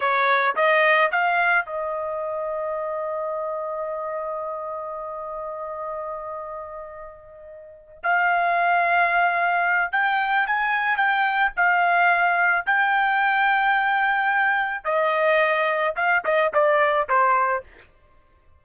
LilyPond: \new Staff \with { instrumentName = "trumpet" } { \time 4/4 \tempo 4 = 109 cis''4 dis''4 f''4 dis''4~ | dis''1~ | dis''1~ | dis''2~ dis''8 f''4.~ |
f''2 g''4 gis''4 | g''4 f''2 g''4~ | g''2. dis''4~ | dis''4 f''8 dis''8 d''4 c''4 | }